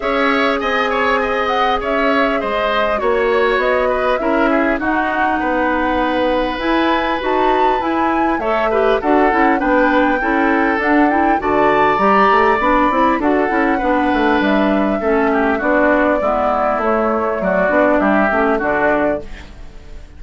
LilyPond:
<<
  \new Staff \with { instrumentName = "flute" } { \time 4/4 \tempo 4 = 100 e''4 gis''4. fis''8 e''4 | dis''4 cis''4 dis''4 e''4 | fis''2. gis''4 | a''4 gis''4 e''4 fis''4 |
g''2 fis''8 g''8 a''4 | ais''4 b''4 fis''2 | e''2 d''2 | cis''4 d''4 e''4 d''4 | }
  \new Staff \with { instrumentName = "oboe" } { \time 4/4 cis''4 dis''8 cis''8 dis''4 cis''4 | c''4 cis''4. b'8 ais'8 gis'8 | fis'4 b'2.~ | b'2 cis''8 b'8 a'4 |
b'4 a'2 d''4~ | d''2 a'4 b'4~ | b'4 a'8 g'8 fis'4 e'4~ | e'4 fis'4 g'4 fis'4 | }
  \new Staff \with { instrumentName = "clarinet" } { \time 4/4 gis'1~ | gis'4 fis'2 e'4 | dis'2. e'4 | fis'4 e'4 a'8 g'8 fis'8 e'8 |
d'4 e'4 d'8 e'8 fis'4 | g'4 d'8 e'8 fis'8 e'8 d'4~ | d'4 cis'4 d'4 b4 | a4. d'4 cis'8 d'4 | }
  \new Staff \with { instrumentName = "bassoon" } { \time 4/4 cis'4 c'2 cis'4 | gis4 ais4 b4 cis'4 | dis'4 b2 e'4 | dis'4 e'4 a4 d'8 cis'8 |
b4 cis'4 d'4 d4 | g8 a8 b8 c'8 d'8 cis'8 b8 a8 | g4 a4 b4 gis4 | a4 fis8 b8 g8 a8 d4 | }
>>